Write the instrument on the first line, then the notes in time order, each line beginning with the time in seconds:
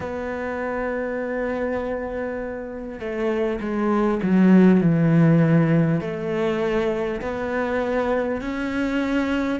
cello
0.00 B3
2.99 A3
3.61 G#3
4.23 F#3
4.81 E3
6.00 A3
7.21 B3
8.41 C#4